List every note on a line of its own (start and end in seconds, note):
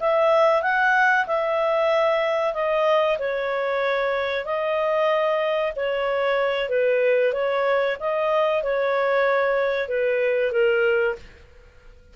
0.00 0.62 E5
0.62 1.26 F#5
1.27 2.54 E5
2.54 3.18 D#5
3.19 4.45 C#5
4.45 5.73 D#5
5.76 6.69 C#5
6.69 7.33 B4
7.33 7.97 C#5
8.00 8.63 D#5
8.63 9.88 C#5
9.88 10.52 B4
10.52 11.16 A#4